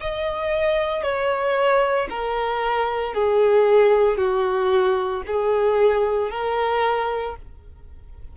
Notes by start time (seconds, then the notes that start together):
0.00 D#5
1.02 C#5
2.09 A#4
3.13 G#4
4.17 F#4
5.26 G#4
6.30 A#4